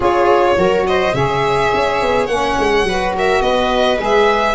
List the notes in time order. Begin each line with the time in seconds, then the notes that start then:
0.00 C#4 F4 G#4 C#5
0.56 F#3 F#4 A#4
0.86 C5 D#5
1.14 C#3 G#4 C#5 E5
1.74 C#4
2.01 B3
2.26 A#3 C#4 F#5
2.58 G#3
2.83 F#3 F#4 B4
3.17 A#4 E5
3.41 B3 B4 D#5
3.97 G#3 G#4
4.04 E5